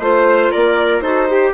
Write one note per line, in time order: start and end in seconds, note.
0.00 0.51 A3
0.00 1.04 F4
0.00 0.52 C5
0.52 1.01 A#3
0.52 1.03 A#4
0.52 1.01 D5
1.01 1.53 D#4
1.01 1.29 F#4
1.01 1.29 A4
1.01 1.53 C5
1.29 1.54 G4